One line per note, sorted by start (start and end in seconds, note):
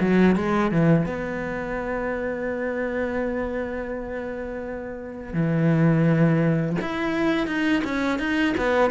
0.00 0.36 F#3
0.36 0.71 G#3
0.71 1.06 E3
1.06 5.33 B3
5.33 6.76 E3
6.81 7.47 E4
7.47 7.82 D#4
7.84 8.19 C#4
8.19 8.55 D#4
8.57 8.91 B3